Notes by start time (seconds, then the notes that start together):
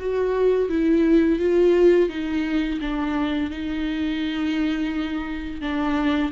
0.00 F#4
0.69 E4
1.40 F4
2.10 D#4
2.81 D4
3.51 D#4
5.62 D4